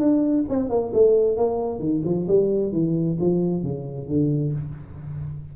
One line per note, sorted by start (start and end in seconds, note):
0.00 0.45 D4
0.50 0.70 C4
0.70 0.92 A#3
0.94 1.37 A3
1.37 1.80 A#3
1.80 2.02 D#3
2.05 2.27 F3
2.28 2.73 G3
2.73 3.18 E3
3.21 3.63 F3
3.63 4.08 C#3
4.08 4.53 D3